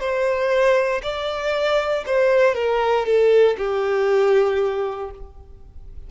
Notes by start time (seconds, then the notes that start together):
0.00 C5
1.03 D5
2.06 C5
2.55 A#4
3.06 A4
3.58 G4